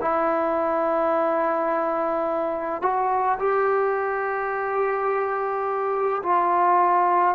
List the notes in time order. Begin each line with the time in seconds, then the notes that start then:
0.00 E4
2.81 F#4
3.39 G4
6.23 F4